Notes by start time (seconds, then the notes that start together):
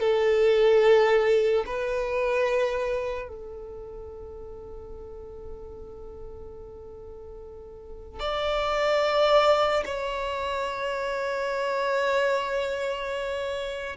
0.00 A4
1.66 B4
3.28 A4
8.19 D5
9.86 C#5